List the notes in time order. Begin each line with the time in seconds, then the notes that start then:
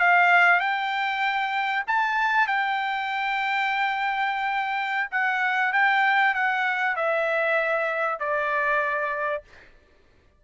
0.00 F5
0.60 G5
1.88 A5
2.48 G5
5.11 F#5
5.73 G5
6.35 F#5
6.96 E5
8.20 D5